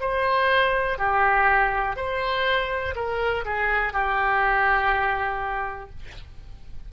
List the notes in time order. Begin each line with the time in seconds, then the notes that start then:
0.00 C5
0.98 G4
1.96 C5
2.95 A#4
3.45 G#4
3.93 G4